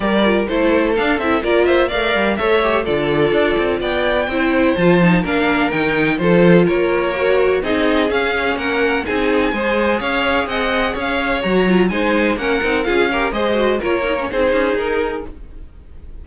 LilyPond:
<<
  \new Staff \with { instrumentName = "violin" } { \time 4/4 \tempo 4 = 126 d''4 c''4 f''8 e''8 d''8 e''8 | f''4 e''4 d''2 | g''2 a''4 f''4 | g''4 c''4 cis''2 |
dis''4 f''4 fis''4 gis''4~ | gis''4 f''4 fis''4 f''4 | ais''4 gis''4 fis''4 f''4 | dis''4 cis''4 c''4 ais'4 | }
  \new Staff \with { instrumentName = "violin" } { \time 4/4 ais'4 a'2 ais'8 c''8 | d''4 cis''4 a'2 | d''4 c''2 ais'4~ | ais'4 a'4 ais'2 |
gis'2 ais'4 gis'4 | c''4 cis''4 dis''4 cis''4~ | cis''4 c''4 ais'4 gis'8 ais'8 | c''4 ais'4 gis'2 | }
  \new Staff \with { instrumentName = "viola" } { \time 4/4 g'8 f'8 e'4 d'8 e'8 f'4 | ais'4 a'8 g'8 f'2~ | f'4 e'4 f'8 dis'8 d'4 | dis'4 f'2 fis'4 |
dis'4 cis'2 dis'4 | gis'1 | fis'8 f'8 dis'4 cis'8 dis'8 f'8 g'8 | gis'8 fis'8 f'8 dis'16 cis'16 dis'2 | }
  \new Staff \with { instrumentName = "cello" } { \time 4/4 g4 a4 d'8 c'8 ais4 | a8 g8 a4 d4 d'8 c'8 | b4 c'4 f4 ais4 | dis4 f4 ais2 |
c'4 cis'4 ais4 c'4 | gis4 cis'4 c'4 cis'4 | fis4 gis4 ais8 c'8 cis'4 | gis4 ais4 c'8 cis'8 dis'4 | }
>>